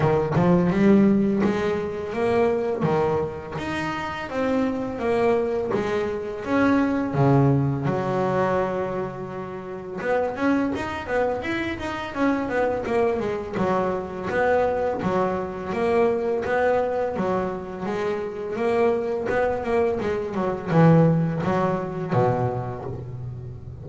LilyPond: \new Staff \with { instrumentName = "double bass" } { \time 4/4 \tempo 4 = 84 dis8 f8 g4 gis4 ais4 | dis4 dis'4 c'4 ais4 | gis4 cis'4 cis4 fis4~ | fis2 b8 cis'8 dis'8 b8 |
e'8 dis'8 cis'8 b8 ais8 gis8 fis4 | b4 fis4 ais4 b4 | fis4 gis4 ais4 b8 ais8 | gis8 fis8 e4 fis4 b,4 | }